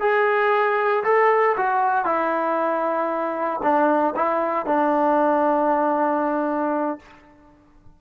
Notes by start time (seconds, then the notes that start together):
0.00 G#4
1.04 A4
1.57 F#4
2.05 E4
3.63 D4
4.16 E4
4.66 D4